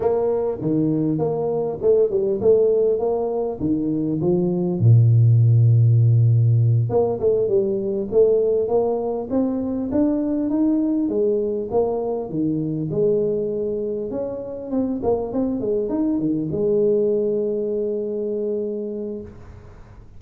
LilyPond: \new Staff \with { instrumentName = "tuba" } { \time 4/4 \tempo 4 = 100 ais4 dis4 ais4 a8 g8 | a4 ais4 dis4 f4 | ais,2.~ ais,8 ais8 | a8 g4 a4 ais4 c'8~ |
c'8 d'4 dis'4 gis4 ais8~ | ais8 dis4 gis2 cis'8~ | cis'8 c'8 ais8 c'8 gis8 dis'8 dis8 gis8~ | gis1 | }